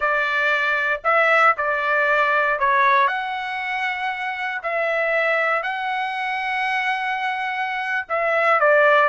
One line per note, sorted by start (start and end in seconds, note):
0.00 1.01 D5
1.04 1.55 E5
1.57 2.59 D5
2.59 3.07 C#5
3.07 4.61 F#5
4.62 5.62 E5
5.62 8.06 F#5
8.08 8.59 E5
8.60 9.08 D5